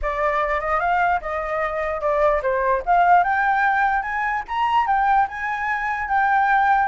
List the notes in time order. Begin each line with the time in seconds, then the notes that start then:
0.02 D5
0.60 D#5
0.79 F5
1.21 D#5
2.00 D5
2.42 C5
2.85 F5
3.23 G5
4.02 G#5
4.48 A#5
4.86 G5
5.28 G#5
6.08 G5